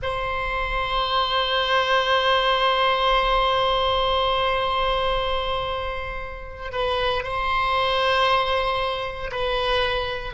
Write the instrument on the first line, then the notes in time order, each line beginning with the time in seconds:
oboe
0.02 C5
6.72 B4
7.23 C5
9.31 B4